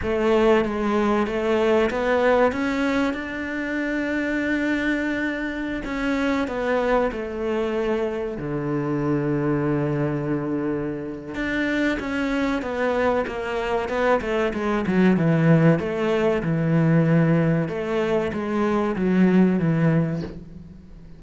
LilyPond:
\new Staff \with { instrumentName = "cello" } { \time 4/4 \tempo 4 = 95 a4 gis4 a4 b4 | cis'4 d'2.~ | d'4~ d'16 cis'4 b4 a8.~ | a4~ a16 d2~ d8.~ |
d2 d'4 cis'4 | b4 ais4 b8 a8 gis8 fis8 | e4 a4 e2 | a4 gis4 fis4 e4 | }